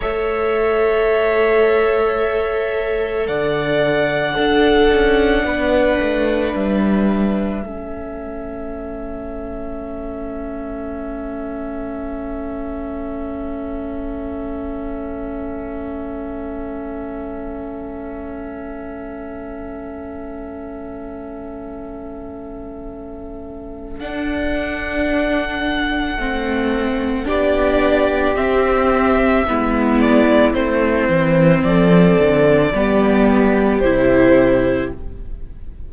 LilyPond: <<
  \new Staff \with { instrumentName = "violin" } { \time 4/4 \tempo 4 = 55 e''2. fis''4~ | fis''2 e''2~ | e''1~ | e''1~ |
e''1~ | e''2 fis''2~ | fis''4 d''4 e''4. d''8 | c''4 d''2 c''4 | }
  \new Staff \with { instrumentName = "violin" } { \time 4/4 cis''2. d''4 | a'4 b'2 a'4~ | a'1~ | a'1~ |
a'1~ | a'1~ | a'4 g'2 e'4~ | e'4 a'4 g'2 | }
  \new Staff \with { instrumentName = "viola" } { \time 4/4 a'1 | d'2. cis'4~ | cis'1~ | cis'1~ |
cis'1~ | cis'2 d'2 | c'4 d'4 c'4 b4 | c'2 b4 e'4 | }
  \new Staff \with { instrumentName = "cello" } { \time 4/4 a2. d4 | d'8 cis'8 b8 a8 g4 a4~ | a1~ | a1~ |
a1~ | a2 d'2 | a4 b4 c'4 gis4 | a8 e8 f8 d8 g4 c4 | }
>>